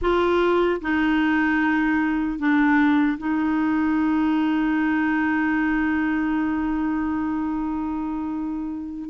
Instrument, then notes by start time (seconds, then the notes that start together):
clarinet
0.01 F4
0.81 D#4
2.38 D4
3.18 D#4